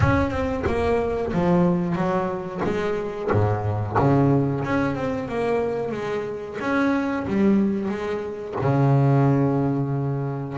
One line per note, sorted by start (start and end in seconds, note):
0.00 0.30 C#4
0.30 0.63 C4
0.66 1.32 A#3
1.33 1.95 F3
1.95 2.61 F#3
2.64 3.30 G#3
3.31 3.97 G#2
3.98 4.64 C#3
4.64 4.95 C#4
4.95 5.28 C4
5.28 5.91 A#3
5.91 6.57 G#3
6.60 7.26 C#4
7.27 7.88 G3
7.88 8.54 G#3
8.61 10.57 C#3